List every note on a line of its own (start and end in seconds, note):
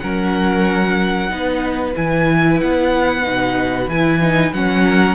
0.00 1.31 F#3
0.00 1.29 C#4
0.00 1.32 A#4
0.00 1.94 F#5
1.29 1.95 B3
1.29 1.94 D#4
1.29 4.84 B4
1.95 2.61 E3
1.95 3.22 E4
1.95 2.60 G#5
2.60 3.27 B3
2.60 3.89 F#5
3.22 3.88 B2
3.22 3.87 D#4
3.88 4.52 E3
3.88 4.21 E4
3.88 4.53 G#5
4.21 4.53 D#4
4.53 5.15 F#3
4.53 5.15 C#4
4.53 5.15 F#5
4.84 5.15 A#4